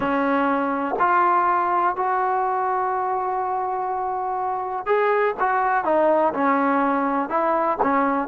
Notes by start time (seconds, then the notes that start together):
0.00 C#4
0.99 F4
1.96 F#4
4.86 G#4
5.39 F#4
5.84 D#4
6.33 C#4
7.29 E4
7.82 C#4